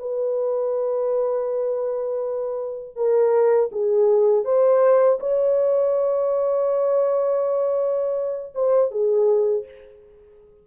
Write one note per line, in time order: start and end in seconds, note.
0.00 2.96 B4
2.96 3.70 A#4
3.72 4.45 G#4
4.45 5.20 C5
5.20 8.54 C#5
8.55 8.92 C5
8.92 9.66 G#4